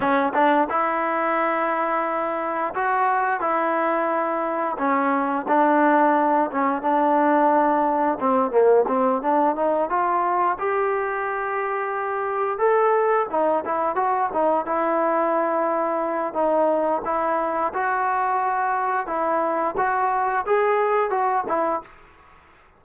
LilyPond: \new Staff \with { instrumentName = "trombone" } { \time 4/4 \tempo 4 = 88 cis'8 d'8 e'2. | fis'4 e'2 cis'4 | d'4. cis'8 d'2 | c'8 ais8 c'8 d'8 dis'8 f'4 g'8~ |
g'2~ g'8 a'4 dis'8 | e'8 fis'8 dis'8 e'2~ e'8 | dis'4 e'4 fis'2 | e'4 fis'4 gis'4 fis'8 e'8 | }